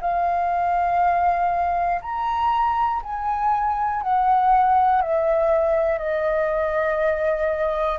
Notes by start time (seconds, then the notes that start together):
0.00 F5
2.01 A#5
3.03 G#5
4.01 F#5
5.01 E5
5.98 D#5